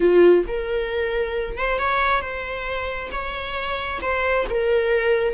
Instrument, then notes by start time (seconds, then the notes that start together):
viola
0.00 F4
0.47 A#4
1.57 C5
1.78 C#5
2.21 C5
3.11 C#5
4.01 C5
4.49 A#4